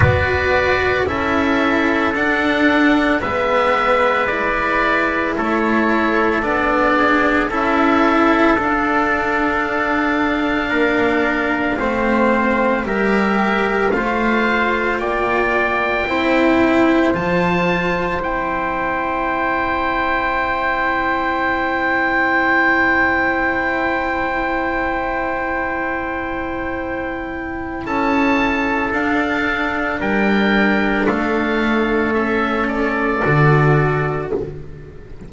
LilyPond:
<<
  \new Staff \with { instrumentName = "oboe" } { \time 4/4 \tempo 4 = 56 d''4 e''4 fis''4 e''4 | d''4 cis''4 d''4 e''4 | f''1 | e''4 f''4 g''2 |
a''4 g''2.~ | g''1~ | g''2 a''4 f''4 | g''4 f''4 e''8 d''4. | }
  \new Staff \with { instrumentName = "trumpet" } { \time 4/4 b'4 a'2 b'4~ | b'4 a'4. gis'8 a'4~ | a'2 ais'4 c''4 | ais'4 c''4 d''4 c''4~ |
c''1~ | c''1~ | c''2 a'2 | ais'4 a'2. | }
  \new Staff \with { instrumentName = "cello" } { \time 4/4 fis'4 e'4 d'4 b4 | e'2 d'4 e'4 | d'2. c'4 | g'4 f'2 e'4 |
f'4 e'2.~ | e'1~ | e'2. d'4~ | d'2 cis'4 fis'4 | }
  \new Staff \with { instrumentName = "double bass" } { \time 4/4 b4 cis'4 d'4 gis4~ | gis4 a4 b4 cis'4 | d'2 ais4 a4 | g4 a4 ais4 c'4 |
f4 c'2.~ | c'1~ | c'2 cis'4 d'4 | g4 a2 d4 | }
>>